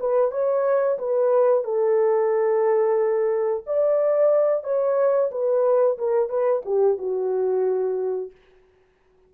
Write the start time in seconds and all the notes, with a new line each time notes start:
0.00 B4
0.31 C#5
0.98 B4
1.64 A4
3.66 D5
4.63 C#5
5.31 B4
5.98 A#4
6.29 B4
6.65 G4
6.98 F#4